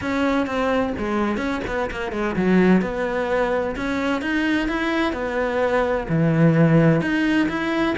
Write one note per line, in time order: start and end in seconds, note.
0.01 0.46 C#4
0.46 0.93 C4
0.98 1.37 G#3
1.37 1.60 C#4
1.67 1.90 B3
1.90 2.12 A#3
2.12 2.35 G#3
2.36 2.81 F#3
2.81 3.75 B3
3.75 4.21 C#4
4.21 4.68 D#4
4.68 5.13 E4
5.13 6.06 B3
6.09 7.01 E3
7.01 7.48 D#4
7.49 7.95 E4